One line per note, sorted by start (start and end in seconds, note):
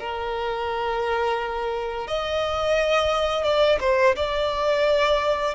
0.00 2.08 A#4
2.08 3.44 D#5
3.44 3.79 D5
3.81 4.16 C5
4.16 5.55 D5